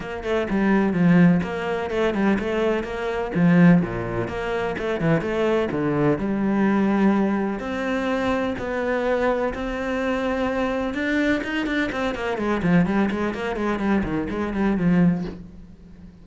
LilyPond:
\new Staff \with { instrumentName = "cello" } { \time 4/4 \tempo 4 = 126 ais8 a8 g4 f4 ais4 | a8 g8 a4 ais4 f4 | ais,4 ais4 a8 e8 a4 | d4 g2. |
c'2 b2 | c'2. d'4 | dis'8 d'8 c'8 ais8 gis8 f8 g8 gis8 | ais8 gis8 g8 dis8 gis8 g8 f4 | }